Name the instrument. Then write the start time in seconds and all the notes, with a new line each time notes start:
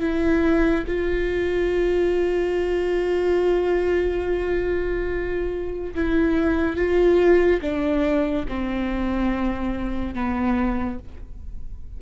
viola
0.00 E4
0.87 F4
5.95 E4
6.76 F4
7.62 D4
8.49 C4
10.14 B3